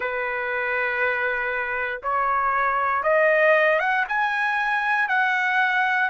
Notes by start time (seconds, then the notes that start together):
0.00 B4
2.02 C#5
3.03 D#5
3.79 F#5
4.08 G#5
5.08 F#5